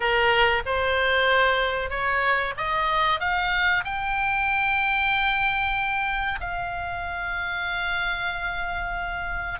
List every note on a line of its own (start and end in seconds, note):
0.00 0.62 A#4
0.65 1.89 C5
1.89 2.53 C#5
2.57 3.20 D#5
3.20 3.84 F5
3.84 6.39 G5
6.40 9.59 F5